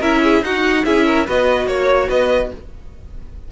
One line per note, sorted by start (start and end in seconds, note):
0.00 0.42 C#4
0.00 0.43 E4
0.00 0.21 A#4
0.00 0.44 E5
0.23 0.43 G#4
0.42 0.83 D#4
0.42 0.85 D#4
0.42 0.85 F#4
0.42 0.85 F#5
0.85 1.27 C#4
0.85 1.26 E4
0.85 1.06 G#4
0.85 1.26 E5
1.06 1.26 A#4
1.26 1.67 B3
1.26 2.51 F#4
1.26 1.67 B4
1.26 1.68 D#5
1.67 2.08 A#3
1.67 2.08 C#5
1.67 2.09 C#5
2.08 2.51 B3
2.08 2.50 B4
2.08 2.51 D#5